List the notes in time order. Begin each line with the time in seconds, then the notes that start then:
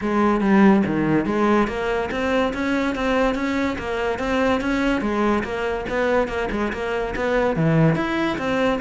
0.01 G#3
0.40 G3
0.86 D#3
1.25 G#3
1.67 A#3
2.11 C4
2.53 C#4
2.95 C4
3.34 C#4
3.78 A#3
4.18 C4
4.60 C#4
5.01 G#3
5.43 A#3
5.89 B3
6.27 A#3
6.51 G#3
6.72 A#3
7.15 B3
7.55 E3
7.95 E4
8.38 C4